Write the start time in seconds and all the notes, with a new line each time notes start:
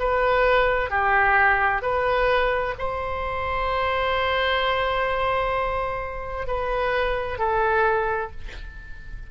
0.00 B4
0.90 G4
1.83 B4
2.79 C5
6.48 B4
7.39 A4